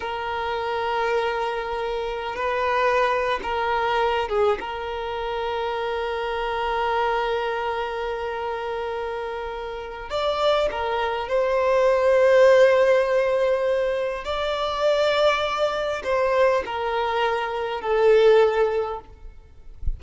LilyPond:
\new Staff \with { instrumentName = "violin" } { \time 4/4 \tempo 4 = 101 ais'1 | b'4.~ b'16 ais'4. gis'8 ais'16~ | ais'1~ | ais'1~ |
ais'4 d''4 ais'4 c''4~ | c''1 | d''2. c''4 | ais'2 a'2 | }